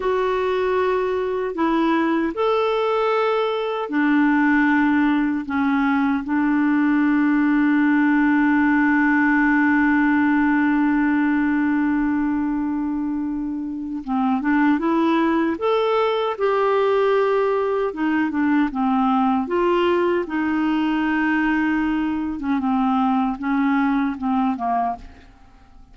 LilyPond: \new Staff \with { instrumentName = "clarinet" } { \time 4/4 \tempo 4 = 77 fis'2 e'4 a'4~ | a'4 d'2 cis'4 | d'1~ | d'1~ |
d'2 c'8 d'8 e'4 | a'4 g'2 dis'8 d'8 | c'4 f'4 dis'2~ | dis'8. cis'16 c'4 cis'4 c'8 ais8 | }